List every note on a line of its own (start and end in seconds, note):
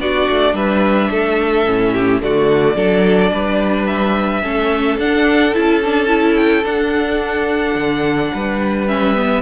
0.00 0.28 B3
0.00 1.66 D4
0.00 0.55 F#4
0.00 0.56 D5
0.29 0.54 A3
0.54 1.09 G3
0.54 1.10 B4
0.54 2.22 E5
1.11 1.66 A3
1.11 1.94 A4
1.66 2.22 A2
1.66 2.21 C#4
1.94 2.21 G4
2.21 2.76 D3
2.21 2.76 A3
2.21 2.76 F#4
2.21 3.87 D5
2.76 3.31 F#3
2.76 4.43 D4
2.76 3.32 A4
3.32 4.43 G3
3.32 4.43 B4
3.87 4.98 E5
4.43 4.98 A3
4.43 4.98 C#4
4.43 8.31 A4
4.98 5.54 D4
4.98 5.55 F#5
5.54 6.65 C#4
5.54 5.82 E4
5.54 6.37 A5
5.85 6.08 D4
6.08 6.63 E4
6.37 6.65 G5
6.65 7.76 D4
6.65 8.88 D4
6.65 8.88 F#5
7.76 8.31 D3
8.34 9.42 G3
8.34 9.42 B4
8.88 9.16 C#4
8.88 9.42 E5
9.16 9.42 B3